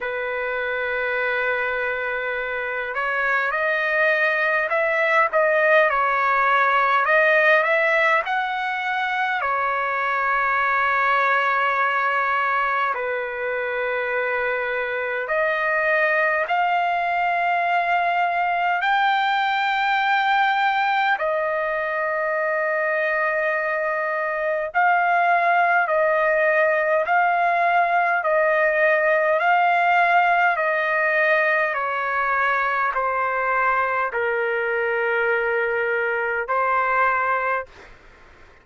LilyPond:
\new Staff \with { instrumentName = "trumpet" } { \time 4/4 \tempo 4 = 51 b'2~ b'8 cis''8 dis''4 | e''8 dis''8 cis''4 dis''8 e''8 fis''4 | cis''2. b'4~ | b'4 dis''4 f''2 |
g''2 dis''2~ | dis''4 f''4 dis''4 f''4 | dis''4 f''4 dis''4 cis''4 | c''4 ais'2 c''4 | }